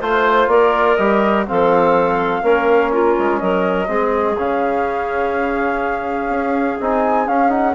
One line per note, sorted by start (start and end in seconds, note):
0.00 0.48 A3
0.00 0.98 F4
0.00 0.48 C5
0.00 0.50 C5
0.48 0.96 A#3
0.48 1.47 A#4
0.48 0.97 D5
0.97 1.47 G3
0.97 1.48 G4
0.97 1.45 D#5
1.48 2.43 F3
1.48 2.43 C4
1.48 2.43 A4
1.48 2.92 F5
2.43 3.16 A#3
2.43 3.87 C#4
2.43 2.92 A#4
2.92 3.41 F4
2.92 3.39 A#4
3.19 3.42 G#3
3.39 3.89 F#3
3.39 3.89 A#4
3.39 4.36 D#5
3.87 4.37 G#3
3.87 4.36 C4
3.87 7.75 G#4
4.38 6.29 C#3
4.38 6.80 C#4
4.38 6.81 F5
6.29 6.78 C#4
6.80 7.29 C4
6.80 7.28 D#4
6.80 7.28 G#5
7.28 7.50 C#4
7.28 7.75 C#4
7.28 7.51 F5
7.50 7.74 D#4
7.50 7.75 F#5